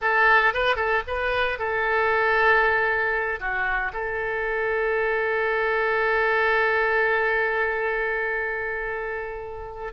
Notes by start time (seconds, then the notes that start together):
0.01 A4
0.53 B4
0.76 A4
1.07 B4
1.58 A4
3.40 F#4
3.93 A4